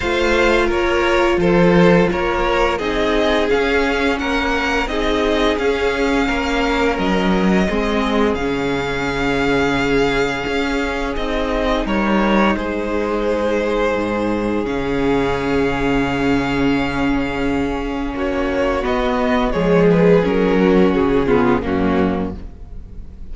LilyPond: <<
  \new Staff \with { instrumentName = "violin" } { \time 4/4 \tempo 4 = 86 f''4 cis''4 c''4 cis''4 | dis''4 f''4 fis''4 dis''4 | f''2 dis''2 | f''1 |
dis''4 cis''4 c''2~ | c''4 f''2.~ | f''2 cis''4 dis''4 | cis''8 b'8 ais'4 gis'4 fis'4 | }
  \new Staff \with { instrumentName = "violin" } { \time 4/4 c''4 ais'4 a'4 ais'4 | gis'2 ais'4 gis'4~ | gis'4 ais'2 gis'4~ | gis'1~ |
gis'4 ais'4 gis'2~ | gis'1~ | gis'2 fis'2 | gis'4. fis'4 f'8 cis'4 | }
  \new Staff \with { instrumentName = "viola" } { \time 4/4 f'1 | dis'4 cis'2 dis'4 | cis'2. c'4 | cis'1 |
dis'1~ | dis'4 cis'2.~ | cis'2. b4 | gis4 cis'4. b8 ais4 | }
  \new Staff \with { instrumentName = "cello" } { \time 4/4 a4 ais4 f4 ais4 | c'4 cis'4 ais4 c'4 | cis'4 ais4 fis4 gis4 | cis2. cis'4 |
c'4 g4 gis2 | gis,4 cis2.~ | cis2 ais4 b4 | f4 fis4 cis4 fis,4 | }
>>